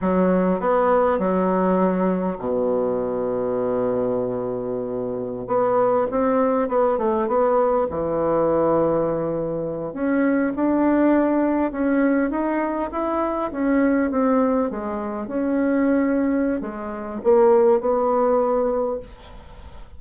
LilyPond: \new Staff \with { instrumentName = "bassoon" } { \time 4/4 \tempo 4 = 101 fis4 b4 fis2 | b,1~ | b,4~ b,16 b4 c'4 b8 a16~ | a16 b4 e2~ e8.~ |
e8. cis'4 d'2 cis'16~ | cis'8. dis'4 e'4 cis'4 c'16~ | c'8. gis4 cis'2~ cis'16 | gis4 ais4 b2 | }